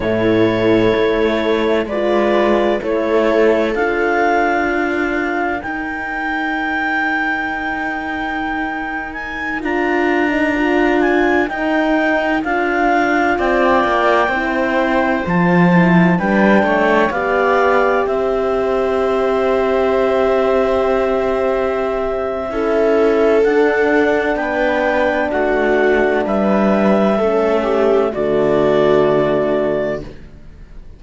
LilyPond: <<
  \new Staff \with { instrumentName = "clarinet" } { \time 4/4 \tempo 4 = 64 cis''2 d''4 cis''4 | f''2 g''2~ | g''4.~ g''16 gis''8 ais''4. gis''16~ | gis''16 g''4 f''4 g''4.~ g''16~ |
g''16 a''4 g''4 f''4 e''8.~ | e''1~ | e''4 fis''4 g''4 fis''4 | e''2 d''2 | }
  \new Staff \with { instrumentName = "viola" } { \time 4/4 a'2 b'4 a'4~ | a'4 ais'2.~ | ais'1~ | ais'2~ ais'16 d''4 c''8.~ |
c''4~ c''16 b'8 cis''8 d''4 c''8.~ | c''1 | a'2 b'4 fis'4 | b'4 a'8 g'8 fis'2 | }
  \new Staff \with { instrumentName = "horn" } { \time 4/4 e'2 f'4 e'4 | f'2 dis'2~ | dis'2~ dis'16 f'8. dis'16 f'8.~ | f'16 dis'4 f'2 e'8.~ |
e'16 f'8 e'8 d'4 g'4.~ g'16~ | g'1 | e'4 d'2.~ | d'4 cis'4 a2 | }
  \new Staff \with { instrumentName = "cello" } { \time 4/4 a,4 a4 gis4 a4 | d'2 dis'2~ | dis'2~ dis'16 d'4.~ d'16~ | d'16 dis'4 d'4 c'8 ais8 c'8.~ |
c'16 f4 g8 a8 b4 c'8.~ | c'1 | cis'4 d'4 b4 a4 | g4 a4 d2 | }
>>